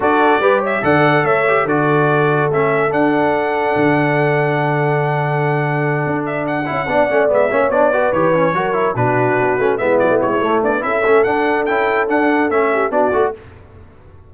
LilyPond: <<
  \new Staff \with { instrumentName = "trumpet" } { \time 4/4 \tempo 4 = 144 d''4. e''8 fis''4 e''4 | d''2 e''4 fis''4~ | fis''1~ | fis''2. e''8 fis''8~ |
fis''4. e''4 d''4 cis''8~ | cis''4. b'2 e''8 | d''8 cis''4 d''8 e''4 fis''4 | g''4 fis''4 e''4 d''4 | }
  \new Staff \with { instrumentName = "horn" } { \time 4/4 a'4 b'8 cis''8 d''4 cis''4 | a'1~ | a'1~ | a'1~ |
a'8 d''4. cis''4 b'4~ | b'8 ais'4 fis'2 e'8~ | e'4. d'8 a'2~ | a'2~ a'8 g'8 fis'4 | }
  \new Staff \with { instrumentName = "trombone" } { \time 4/4 fis'4 g'4 a'4. g'8 | fis'2 cis'4 d'4~ | d'1~ | d'1 |
e'8 d'8 cis'8 b8 cis'8 d'8 fis'8 g'8 | cis'8 fis'8 e'8 d'4. cis'8 b8~ | b4 a4 e'8 cis'8 d'4 | e'4 d'4 cis'4 d'8 fis'8 | }
  \new Staff \with { instrumentName = "tuba" } { \time 4/4 d'4 g4 d4 a4 | d2 a4 d'4~ | d'4 d2.~ | d2~ d8 d'4. |
cis'8 b8 a8 gis8 ais8 b4 e8~ | e8 fis4 b,4 b8 a8 gis8 | fis16 a16 gis8 a8 b8 cis'8 a8 d'4 | cis'4 d'4 a4 b8 a8 | }
>>